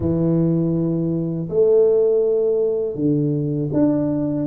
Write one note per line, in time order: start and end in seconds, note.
0.00 1.48 E3
1.48 2.95 A3
2.95 3.69 D3
3.72 4.46 D4